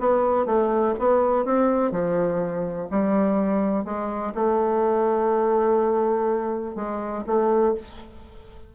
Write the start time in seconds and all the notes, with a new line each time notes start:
0.00 B3
0.46 A3
0.99 B3
1.45 C4
1.92 F3
2.91 G3
3.85 G#3
4.35 A3
6.76 G#3
7.27 A3